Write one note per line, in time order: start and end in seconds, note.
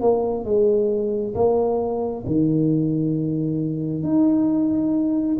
0.00 0.44 A#3
0.44 1.34 G#3
1.34 2.24 A#3
2.26 4.03 D#3
4.03 5.37 D#4